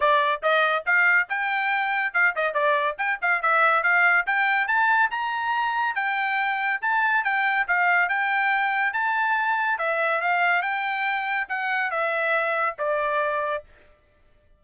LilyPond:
\new Staff \with { instrumentName = "trumpet" } { \time 4/4 \tempo 4 = 141 d''4 dis''4 f''4 g''4~ | g''4 f''8 dis''8 d''4 g''8 f''8 | e''4 f''4 g''4 a''4 | ais''2 g''2 |
a''4 g''4 f''4 g''4~ | g''4 a''2 e''4 | f''4 g''2 fis''4 | e''2 d''2 | }